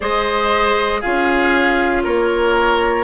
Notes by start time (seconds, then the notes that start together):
0.00 G#3 G#4 C5 D#5
1.00 C#4 F4 G#4 F5
2.03 A#3 A#4 C#5